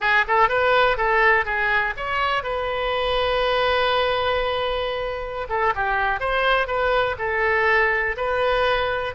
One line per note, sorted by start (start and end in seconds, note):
0.00 0.25 G#4
0.27 0.48 A4
0.48 0.97 B4
0.97 1.45 A4
1.45 1.94 G#4
1.96 2.43 C#5
2.43 5.48 B4
5.49 5.73 A4
5.75 6.20 G4
6.20 6.67 C5
6.67 7.16 B4
7.18 8.16 A4
8.17 9.14 B4